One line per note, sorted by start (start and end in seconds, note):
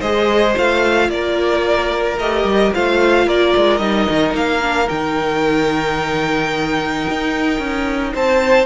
0.00 0.55 G#3
0.00 0.55 G#4
0.00 1.08 C5
0.00 0.55 D#5
0.55 1.09 A3
0.55 2.17 F4
0.55 1.10 F5
1.09 2.17 A#3
1.09 2.75 A#4
1.09 2.18 D5
2.18 2.44 A3
2.18 2.73 G4
2.18 2.73 D#5
2.44 2.71 G3
2.73 3.26 A3
2.73 3.79 F4
2.73 3.26 C5
2.73 3.28 F5
3.26 3.53 A#3
3.26 8.13 A#4
3.26 3.77 D5
3.56 3.80 G#3
3.77 4.07 G3
3.77 4.60 D#4
3.77 4.31 D#5
4.09 4.34 D#3
4.34 4.88 A#3
4.34 4.88 F5
4.61 4.86 D4
4.86 7.07 D#3
4.86 8.64 D#4
4.86 8.13 G5
7.09 7.59 D#4
7.59 8.13 C#4
8.14 8.65 C4
8.14 8.65 C5
8.14 8.65 A5